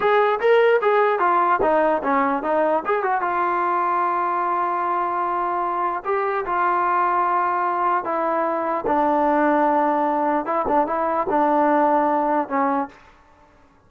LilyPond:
\new Staff \with { instrumentName = "trombone" } { \time 4/4 \tempo 4 = 149 gis'4 ais'4 gis'4 f'4 | dis'4 cis'4 dis'4 gis'8 fis'8 | f'1~ | f'2. g'4 |
f'1 | e'2 d'2~ | d'2 e'8 d'8 e'4 | d'2. cis'4 | }